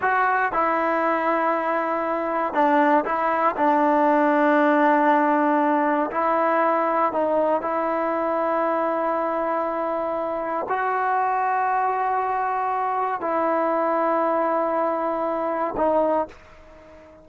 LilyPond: \new Staff \with { instrumentName = "trombone" } { \time 4/4 \tempo 4 = 118 fis'4 e'2.~ | e'4 d'4 e'4 d'4~ | d'1 | e'2 dis'4 e'4~ |
e'1~ | e'4 fis'2.~ | fis'2 e'2~ | e'2. dis'4 | }